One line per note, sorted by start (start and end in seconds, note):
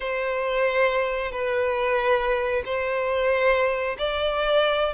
0.00 1.31 C5
1.31 2.63 B4
2.65 3.97 C5
3.98 4.93 D5